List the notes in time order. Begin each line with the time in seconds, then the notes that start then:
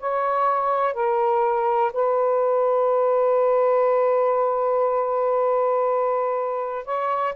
0.00 C#5
0.94 A#4
1.94 B4
6.85 C#5